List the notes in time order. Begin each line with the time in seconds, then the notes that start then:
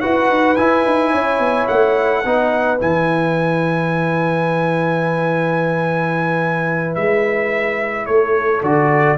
0.00 E4 F#4 B4 F#5
0.30 D#4
0.56 E4 G#5
0.86 D#4
1.11 C#4 C#5
1.39 B3
1.67 A3 F#5
2.24 B3 D#4 B4
2.78 E3 E4 G#5
6.95 G#3 E5
8.06 A3 A4 C#5
8.62 D3 F#4 D5